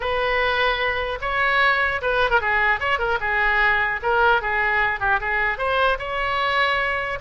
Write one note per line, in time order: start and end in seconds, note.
0.00 1.18 B4
1.21 2.01 C#5
2.01 2.30 B4
2.30 2.40 A#4
2.40 2.80 G#4
2.80 2.98 C#5
2.98 3.18 A#4
3.20 4.00 G#4
4.02 4.41 A#4
4.41 5.00 G#4
5.00 5.20 G4
5.20 5.57 G#4
5.57 5.97 C5
5.99 7.19 C#5